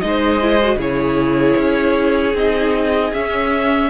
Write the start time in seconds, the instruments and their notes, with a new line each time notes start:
0.00 cello G#3, viola D#4, violin D#5
0.07 violin C5
0.41 viola E4
0.63 viola F#4
0.76 cello C#3, viola E4, violin G#4 C#5
1.57 cello C#4
2.34 cello C4, viola D#4, violin D#5
3.13 cello C#4, viola C#4, violin E5